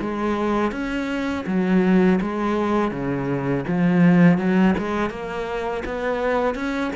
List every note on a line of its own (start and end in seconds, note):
0.00 0.71 G#3
0.71 1.44 C#4
1.46 2.19 F#3
2.21 2.91 G#3
2.91 3.64 C#3
3.67 4.37 F3
4.37 4.74 F#3
4.77 5.10 G#3
5.10 5.83 A#3
5.85 6.54 B3
6.54 6.91 C#4